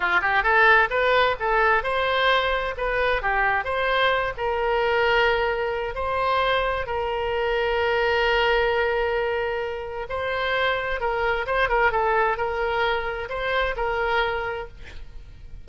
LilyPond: \new Staff \with { instrumentName = "oboe" } { \time 4/4 \tempo 4 = 131 f'8 g'8 a'4 b'4 a'4 | c''2 b'4 g'4 | c''4. ais'2~ ais'8~ | ais'4 c''2 ais'4~ |
ais'1~ | ais'2 c''2 | ais'4 c''8 ais'8 a'4 ais'4~ | ais'4 c''4 ais'2 | }